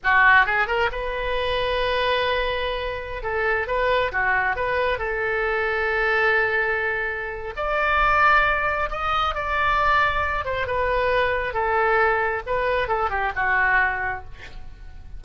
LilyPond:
\new Staff \with { instrumentName = "oboe" } { \time 4/4 \tempo 4 = 135 fis'4 gis'8 ais'8 b'2~ | b'2.~ b'16 a'8.~ | a'16 b'4 fis'4 b'4 a'8.~ | a'1~ |
a'4 d''2. | dis''4 d''2~ d''8 c''8 | b'2 a'2 | b'4 a'8 g'8 fis'2 | }